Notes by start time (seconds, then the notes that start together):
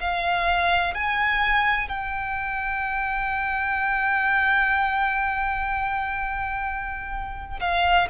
0.00 F5
0.94 G#5
1.88 G5
7.60 F5